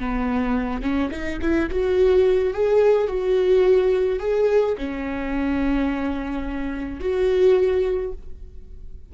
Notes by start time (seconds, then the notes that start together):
0.00 B3
0.83 C#4
1.11 D#4
1.42 E4
1.71 F#4
2.54 G#4
3.08 F#4
4.20 G#4
4.78 C#4
7.01 F#4